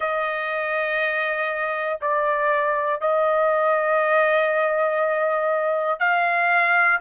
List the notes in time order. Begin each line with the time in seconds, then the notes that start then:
0.00 D#5
2.01 D5
3.00 D#5
6.00 F5